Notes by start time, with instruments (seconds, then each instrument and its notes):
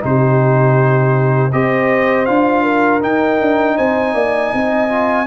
0.00 tuba C3, trombone D#4, horn G4, trumpet C5
1.52 tuba C4, trombone G4, horn C5, trumpet D#5
2.25 tuba D4, trombone F4, trumpet F5
2.62 horn A#4
3.01 trombone D#4, tuba D#4, trumpet G5
3.41 tuba D4
3.77 tuba C4, horn C5, trumpet G#5
4.14 tuba A#3, horn D5
4.51 tuba C4, horn D#5
4.89 trombone F4